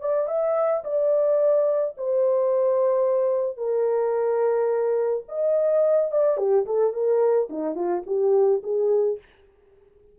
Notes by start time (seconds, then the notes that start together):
0.00 D5
0.28 E5
0.84 D5
1.97 C5
3.57 A#4
5.28 D#5
6.12 D5
6.37 G4
6.65 A4
6.93 A#4
7.49 D#4
7.75 F4
8.06 G4
8.63 G#4